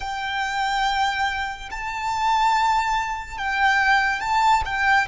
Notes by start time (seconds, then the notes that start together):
0.00 G5
1.70 A5
3.38 G5
4.20 A5
4.65 G5